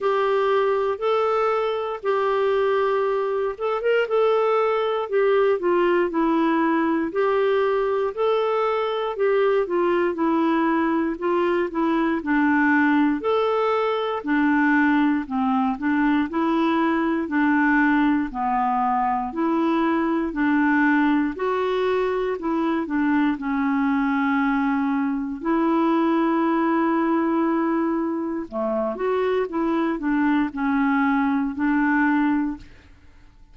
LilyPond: \new Staff \with { instrumentName = "clarinet" } { \time 4/4 \tempo 4 = 59 g'4 a'4 g'4. a'16 ais'16 | a'4 g'8 f'8 e'4 g'4 | a'4 g'8 f'8 e'4 f'8 e'8 | d'4 a'4 d'4 c'8 d'8 |
e'4 d'4 b4 e'4 | d'4 fis'4 e'8 d'8 cis'4~ | cis'4 e'2. | a8 fis'8 e'8 d'8 cis'4 d'4 | }